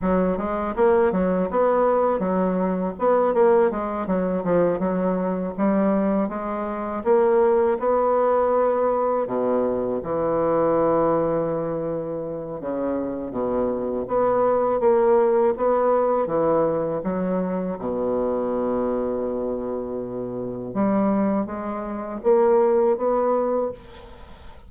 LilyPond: \new Staff \with { instrumentName = "bassoon" } { \time 4/4 \tempo 4 = 81 fis8 gis8 ais8 fis8 b4 fis4 | b8 ais8 gis8 fis8 f8 fis4 g8~ | g8 gis4 ais4 b4.~ | b8 b,4 e2~ e8~ |
e4 cis4 b,4 b4 | ais4 b4 e4 fis4 | b,1 | g4 gis4 ais4 b4 | }